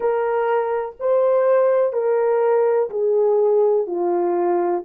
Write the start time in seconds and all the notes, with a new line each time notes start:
0.00 A#4
0.99 C5
1.93 A#4
2.90 G#4
3.87 F4